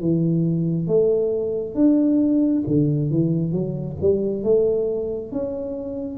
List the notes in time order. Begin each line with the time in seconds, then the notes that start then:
0.00 E3
0.87 A3
1.74 D4
2.67 D3
3.10 E3
3.52 F#3
4.01 G3
4.44 A3
5.31 C#4